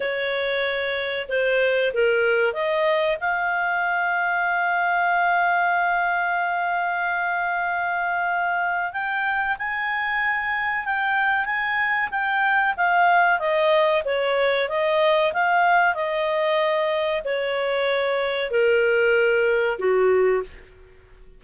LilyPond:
\new Staff \with { instrumentName = "clarinet" } { \time 4/4 \tempo 4 = 94 cis''2 c''4 ais'4 | dis''4 f''2.~ | f''1~ | f''2 g''4 gis''4~ |
gis''4 g''4 gis''4 g''4 | f''4 dis''4 cis''4 dis''4 | f''4 dis''2 cis''4~ | cis''4 ais'2 fis'4 | }